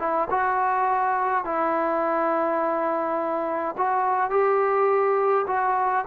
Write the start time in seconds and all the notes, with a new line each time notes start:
0.00 E4
0.31 F#4
1.45 E4
3.78 F#4
4.31 G4
5.48 F#4